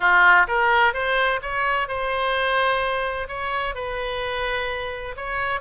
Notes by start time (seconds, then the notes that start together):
0.00 F4
0.47 A#4
0.93 C5
1.42 C#5
1.87 C5
3.28 C#5
3.74 B4
5.16 C#5